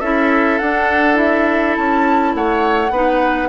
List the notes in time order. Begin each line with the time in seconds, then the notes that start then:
0.00 C#4 E4 A4 E5
0.59 D4 F#5
1.14 E4 E5
1.76 C#4 A5
2.34 A3 C#5 F#5
2.90 B3 D#4 B4